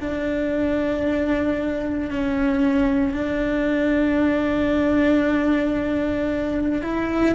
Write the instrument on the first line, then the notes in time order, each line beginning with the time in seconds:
cello
0.00 D4
2.10 C#4
3.13 D4
6.82 E4